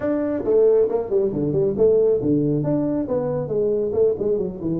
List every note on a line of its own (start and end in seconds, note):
0.00 0.44 D4
0.44 0.88 A3
0.88 1.10 A#3
1.10 1.32 G3
1.32 1.52 D3
1.52 1.74 G3
1.77 2.20 A3
2.22 2.63 D3
2.63 3.07 D4
3.08 3.48 B3
3.48 3.91 G#3
3.92 4.14 A3
4.18 4.38 G#3
4.38 4.60 F#3
4.60 4.80 E3